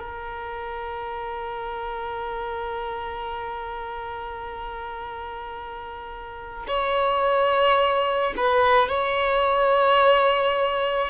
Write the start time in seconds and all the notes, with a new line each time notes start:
0.00 A#4
6.68 C#5
8.37 B4
8.89 C#5